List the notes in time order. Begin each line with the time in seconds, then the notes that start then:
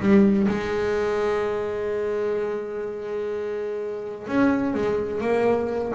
0.00 G3
0.48 G#3
4.28 C#4
4.75 G#3
5.21 A#3